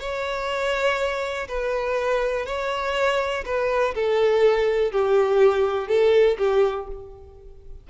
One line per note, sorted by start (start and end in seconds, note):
0.00 1.48 C#5
1.48 2.46 B4
2.46 3.44 C#5
3.45 3.94 B4
3.95 4.92 A4
4.92 5.88 G4
5.88 6.37 A4
6.38 6.87 G4